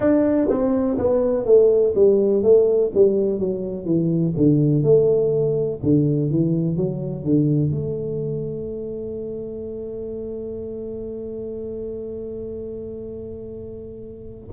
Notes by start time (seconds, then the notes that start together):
0.00 D4
0.49 C4
0.98 B3
1.45 A3
1.95 G3
2.42 A3
2.94 G3
3.39 F#3
3.85 E3
4.36 D3
4.83 A3
5.82 D3
6.30 E3
6.76 F#3
7.24 D3
7.71 A3